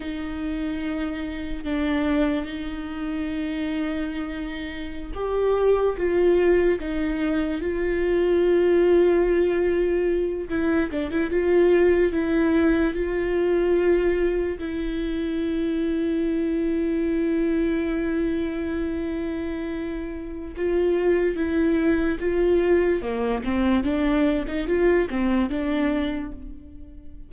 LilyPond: \new Staff \with { instrumentName = "viola" } { \time 4/4 \tempo 4 = 73 dis'2 d'4 dis'4~ | dis'2~ dis'16 g'4 f'8.~ | f'16 dis'4 f'2~ f'8.~ | f'8. e'8 d'16 e'16 f'4 e'4 f'16~ |
f'4.~ f'16 e'2~ e'16~ | e'1~ | e'4 f'4 e'4 f'4 | ais8 c'8 d'8. dis'16 f'8 c'8 d'4 | }